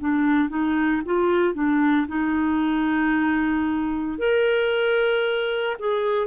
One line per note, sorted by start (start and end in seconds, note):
0.00 0.49 D4
0.49 1.02 D#4
1.05 1.54 F4
1.54 2.07 D4
2.08 4.18 D#4
4.19 5.77 A#4
5.79 6.27 G#4